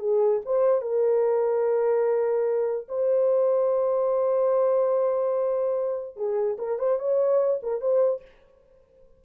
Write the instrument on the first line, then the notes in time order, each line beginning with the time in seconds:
horn
0.00 G#4
0.46 C5
0.82 A#4
2.89 C5
6.17 G#4
6.59 A#4
6.79 C5
7.00 C#5
7.63 A#4
7.81 C5